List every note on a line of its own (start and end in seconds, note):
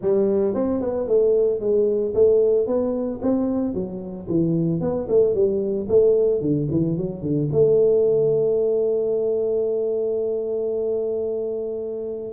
0.01 0.54 G3
0.54 0.81 C4
0.81 1.07 B3
1.07 1.60 A3
1.60 2.13 G#3
2.14 2.66 A3
2.66 3.20 B3
3.21 3.74 C4
3.74 4.27 F#3
4.28 4.80 E3
4.80 5.07 B3
5.08 5.34 A3
5.34 5.87 G3
5.89 6.41 A3
6.41 6.67 D3
6.71 6.97 E3
6.97 7.22 F#3
7.22 7.48 D3
7.51 12.33 A3